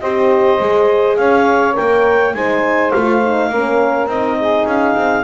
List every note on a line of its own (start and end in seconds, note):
0.00 0.60 C4
0.00 0.60 G4
0.00 1.18 C5
0.00 1.17 D#5
0.60 1.18 G#3
0.60 1.74 G#4
1.17 1.77 C#4
1.17 2.35 C#5
1.17 1.75 F5
1.74 2.34 A#3
1.74 2.32 A#4
1.74 2.34 G5
2.34 2.92 G#3
2.34 2.93 D#4
2.34 3.50 C5
2.34 2.91 G#5
2.91 3.49 A3
2.91 3.22 F4
2.91 4.07 F5
3.23 3.52 D#4
3.49 4.07 A#3
3.49 4.09 C#4
3.49 4.38 A#4
4.07 4.65 C4
4.07 5.24 D#4
4.07 4.67 D#5
4.39 5.24 G#4
4.66 4.95 C#4
4.66 5.24 F5
4.96 5.24 C4